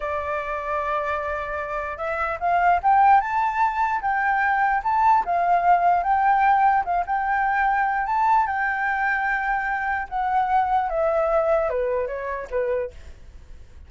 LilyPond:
\new Staff \with { instrumentName = "flute" } { \time 4/4 \tempo 4 = 149 d''1~ | d''4 e''4 f''4 g''4 | a''2 g''2 | a''4 f''2 g''4~ |
g''4 f''8 g''2~ g''8 | a''4 g''2.~ | g''4 fis''2 e''4~ | e''4 b'4 cis''4 b'4 | }